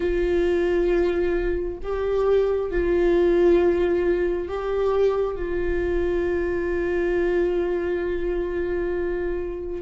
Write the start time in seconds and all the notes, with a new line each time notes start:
0.00 F4
1.82 G4
2.71 F4
4.48 G4
5.35 F4